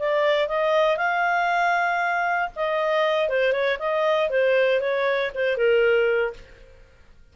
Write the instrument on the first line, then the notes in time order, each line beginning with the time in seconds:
clarinet
0.00 D5
0.49 D#5
0.97 F5
2.56 D#5
3.29 C5
3.53 C#5
3.80 D#5
4.30 C5
4.81 C#5
5.35 C5
5.57 A#4